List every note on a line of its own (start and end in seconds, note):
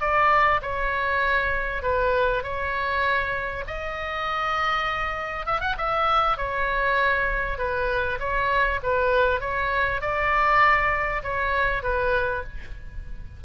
0.00 0.61 D5
0.62 1.82 C#5
1.82 2.43 B4
2.43 3.64 C#5
3.67 5.46 D#5
5.46 5.60 E5
5.60 5.75 F#5
5.77 6.37 E5
6.37 7.58 C#5
7.58 8.18 B4
8.19 8.80 C#5
8.83 9.40 B4
9.40 10.01 C#5
10.01 11.22 D5
11.23 11.82 C#5
11.82 12.43 B4